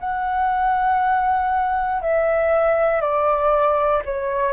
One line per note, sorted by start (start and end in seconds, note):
0.00 2.02 F#5
2.02 3.01 E5
3.01 4.03 D5
4.05 4.53 C#5